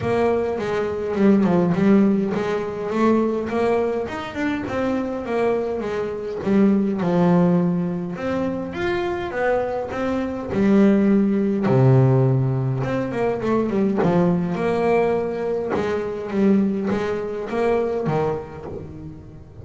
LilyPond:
\new Staff \with { instrumentName = "double bass" } { \time 4/4 \tempo 4 = 103 ais4 gis4 g8 f8 g4 | gis4 a4 ais4 dis'8 d'8 | c'4 ais4 gis4 g4 | f2 c'4 f'4 |
b4 c'4 g2 | c2 c'8 ais8 a8 g8 | f4 ais2 gis4 | g4 gis4 ais4 dis4 | }